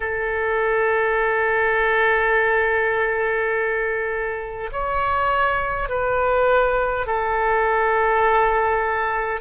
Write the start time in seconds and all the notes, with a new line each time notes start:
0.00 A4
4.72 C#5
5.88 B4
7.06 A4